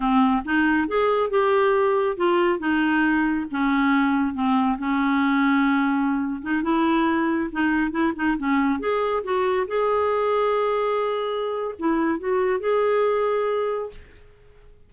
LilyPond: \new Staff \with { instrumentName = "clarinet" } { \time 4/4 \tempo 4 = 138 c'4 dis'4 gis'4 g'4~ | g'4 f'4 dis'2 | cis'2 c'4 cis'4~ | cis'2~ cis'8. dis'8 e'8.~ |
e'4~ e'16 dis'4 e'8 dis'8 cis'8.~ | cis'16 gis'4 fis'4 gis'4.~ gis'16~ | gis'2. e'4 | fis'4 gis'2. | }